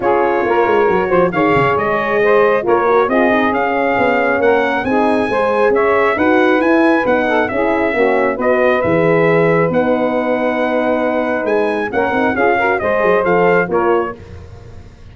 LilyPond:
<<
  \new Staff \with { instrumentName = "trumpet" } { \time 4/4 \tempo 4 = 136 cis''2. f''4 | dis''2 cis''4 dis''4 | f''2 fis''4 gis''4~ | gis''4 e''4 fis''4 gis''4 |
fis''4 e''2 dis''4 | e''2 fis''2~ | fis''2 gis''4 fis''4 | f''4 dis''4 f''4 cis''4 | }
  \new Staff \with { instrumentName = "saxophone" } { \time 4/4 gis'4 ais'4. c''8 cis''4~ | cis''4 c''4 ais'4 gis'4~ | gis'2 ais'4 gis'4 | c''4 cis''4 b'2~ |
b'8 a'8 gis'4 fis'4 b'4~ | b'1~ | b'2. ais'4 | gis'8 ais'8 c''2 ais'4 | }
  \new Staff \with { instrumentName = "horn" } { \time 4/4 f'2 fis'4 gis'4~ | gis'2 f'8 fis'8 f'8 dis'8 | cis'2. dis'4 | gis'2 fis'4 e'4 |
dis'4 e'4 cis'4 fis'4 | gis'2 dis'2~ | dis'2. cis'8 dis'8 | f'8 fis'8 gis'4 a'4 f'4 | }
  \new Staff \with { instrumentName = "tuba" } { \time 4/4 cis'4 ais8 gis8 fis8 f8 dis8 cis8 | gis2 ais4 c'4 | cis'4 b4 ais4 c'4 | gis4 cis'4 dis'4 e'4 |
b4 cis'4 ais4 b4 | e2 b2~ | b2 gis4 ais8 c'8 | cis'4 gis8 fis8 f4 ais4 | }
>>